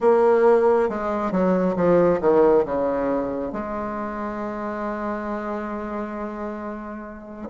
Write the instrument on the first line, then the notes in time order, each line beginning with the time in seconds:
bassoon
0.00 A#3
0.89 G#3
1.31 F#3
1.76 F3
2.20 D#3
2.65 C#3
3.52 G#3